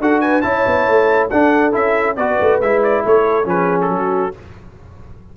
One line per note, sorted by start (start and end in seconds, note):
0.00 0.43 D4
0.00 0.43 F#4
0.00 0.21 A4
0.00 0.21 F#5
0.21 0.43 B4
0.21 0.41 G#5
0.41 0.66 C#4
0.41 1.30 E4
0.41 1.29 C#5
0.41 1.28 A5
0.66 0.88 B3
0.88 1.31 A3
1.29 1.75 D4
1.29 1.72 D4
1.29 2.16 A4
1.29 1.73 F#5
1.72 2.17 C#4
1.72 2.15 E4
1.72 2.16 E5
2.16 2.39 B3
2.16 2.63 F#4
2.16 3.04 B4
2.16 2.60 D5
2.41 2.60 A3
2.60 3.04 G#3
2.60 3.44 E4
2.60 2.83 E5
2.83 3.05 D5
3.05 3.45 A3
3.05 3.49 A4
3.05 3.48 C#5
3.44 3.89 F3
3.44 4.31 C#4
3.44 3.92 G#4
3.44 3.81 B4
3.81 4.36 A4
3.89 4.33 F#3
3.89 4.36 F#4